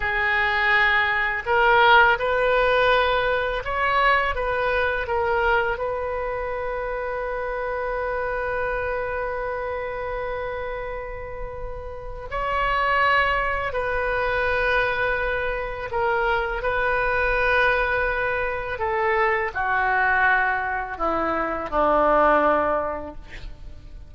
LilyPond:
\new Staff \with { instrumentName = "oboe" } { \time 4/4 \tempo 4 = 83 gis'2 ais'4 b'4~ | b'4 cis''4 b'4 ais'4 | b'1~ | b'1~ |
b'4 cis''2 b'4~ | b'2 ais'4 b'4~ | b'2 a'4 fis'4~ | fis'4 e'4 d'2 | }